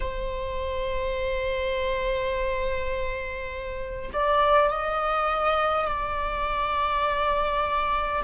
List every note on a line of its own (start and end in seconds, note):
0.00 4.10 C5
4.12 4.70 D5
4.70 5.87 D#5
5.87 8.22 D5